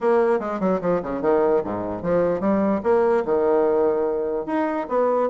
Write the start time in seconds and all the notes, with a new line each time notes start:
0.01 A#3
0.39 G#3
0.60 F#3
0.81 F3
1.02 C#3
1.21 D#3
1.63 G#2
2.02 F3
2.40 G3
2.83 A#3
3.25 D#3
4.46 D#4
4.89 B3